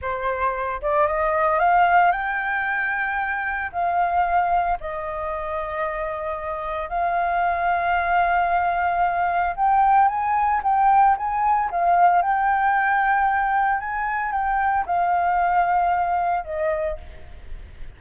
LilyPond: \new Staff \with { instrumentName = "flute" } { \time 4/4 \tempo 4 = 113 c''4. d''8 dis''4 f''4 | g''2. f''4~ | f''4 dis''2.~ | dis''4 f''2.~ |
f''2 g''4 gis''4 | g''4 gis''4 f''4 g''4~ | g''2 gis''4 g''4 | f''2. dis''4 | }